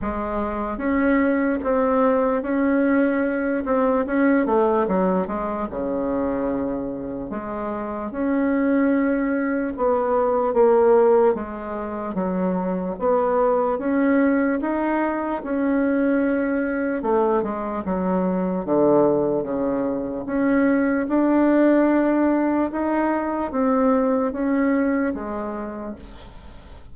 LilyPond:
\new Staff \with { instrumentName = "bassoon" } { \time 4/4 \tempo 4 = 74 gis4 cis'4 c'4 cis'4~ | cis'8 c'8 cis'8 a8 fis8 gis8 cis4~ | cis4 gis4 cis'2 | b4 ais4 gis4 fis4 |
b4 cis'4 dis'4 cis'4~ | cis'4 a8 gis8 fis4 d4 | cis4 cis'4 d'2 | dis'4 c'4 cis'4 gis4 | }